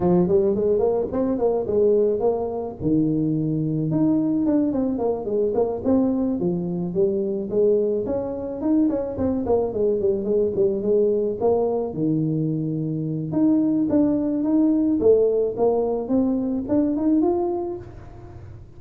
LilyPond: \new Staff \with { instrumentName = "tuba" } { \time 4/4 \tempo 4 = 108 f8 g8 gis8 ais8 c'8 ais8 gis4 | ais4 dis2 dis'4 | d'8 c'8 ais8 gis8 ais8 c'4 f8~ | f8 g4 gis4 cis'4 dis'8 |
cis'8 c'8 ais8 gis8 g8 gis8 g8 gis8~ | gis8 ais4 dis2~ dis8 | dis'4 d'4 dis'4 a4 | ais4 c'4 d'8 dis'8 f'4 | }